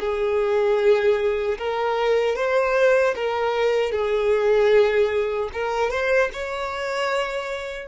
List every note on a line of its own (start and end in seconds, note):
0.00 1.58 G#4
1.58 2.36 A#4
2.36 3.15 C5
3.16 3.92 A#4
3.92 5.50 G#4
5.53 5.91 A#4
5.91 6.30 C5
6.33 7.88 C#5